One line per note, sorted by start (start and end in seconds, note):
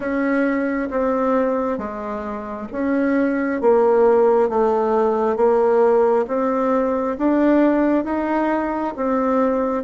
0.00 0.89 C#4
0.90 1.78 C4
1.78 2.67 G#3
2.72 3.61 C#4
3.61 4.49 A#3
4.49 5.36 A3
5.36 6.25 A#3
6.27 7.17 C4
7.18 8.04 D4
8.04 8.93 D#4
8.96 9.83 C4